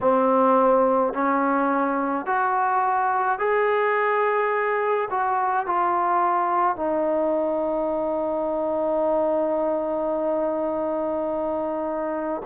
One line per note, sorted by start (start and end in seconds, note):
0.00 1.13 C4
1.13 2.25 C#4
2.25 3.39 F#4
3.39 5.08 G#4
5.10 5.66 F#4
5.66 6.76 F4
6.76 12.42 D#4